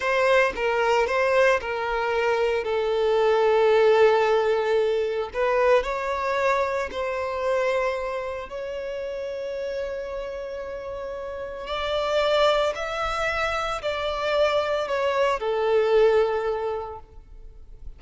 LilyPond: \new Staff \with { instrumentName = "violin" } { \time 4/4 \tempo 4 = 113 c''4 ais'4 c''4 ais'4~ | ais'4 a'2.~ | a'2 b'4 cis''4~ | cis''4 c''2. |
cis''1~ | cis''2 d''2 | e''2 d''2 | cis''4 a'2. | }